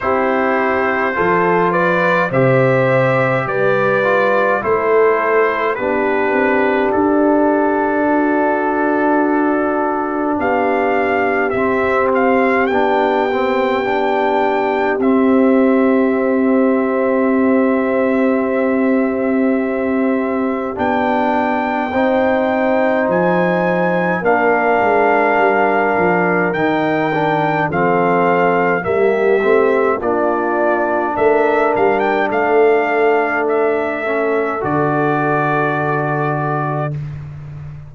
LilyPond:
<<
  \new Staff \with { instrumentName = "trumpet" } { \time 4/4 \tempo 4 = 52 c''4. d''8 e''4 d''4 | c''4 b'4 a'2~ | a'4 f''4 e''8 f''8 g''4~ | g''4 e''2.~ |
e''2 g''2 | gis''4 f''2 g''4 | f''4 e''4 d''4 e''8 f''16 g''16 | f''4 e''4 d''2 | }
  \new Staff \with { instrumentName = "horn" } { \time 4/4 g'4 a'8 b'8 c''4 b'4 | a'4 g'2 fis'4~ | fis'4 g'2.~ | g'1~ |
g'2. c''4~ | c''4 ais'2. | a'4 g'4 f'4 ais'4 | a'1 | }
  \new Staff \with { instrumentName = "trombone" } { \time 4/4 e'4 f'4 g'4. f'8 | e'4 d'2.~ | d'2 c'4 d'8 c'8 | d'4 c'2.~ |
c'2 d'4 dis'4~ | dis'4 d'2 dis'8 d'8 | c'4 ais8 c'8 d'2~ | d'4. cis'8 fis'2 | }
  \new Staff \with { instrumentName = "tuba" } { \time 4/4 c'4 f4 c4 g4 | a4 b8 c'8 d'2~ | d'4 b4 c'4 b4~ | b4 c'2.~ |
c'2 b4 c'4 | f4 ais8 gis8 g8 f8 dis4 | f4 g8 a8 ais4 a8 g8 | a2 d2 | }
>>